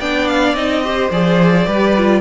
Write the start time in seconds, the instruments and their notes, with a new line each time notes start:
0.00 cello B3, viola D4, violin D5 G5
0.28 violin F5
0.55 cello C4, viola D#4, violin D#5
0.84 viola G4, violin C5
1.11 cello F3, viola G#4, violin D5
1.66 cello G3, viola G4, violin B4
1.98 viola F4